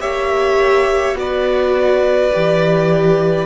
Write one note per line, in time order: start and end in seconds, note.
0.00 1.14 A#3
0.00 1.15 G4
0.00 1.16 C#5
0.00 1.16 E5
1.14 2.30 B3
1.14 2.30 F#4
1.14 3.45 D5
1.20 3.45 B4
2.32 3.45 E3
2.32 3.45 G4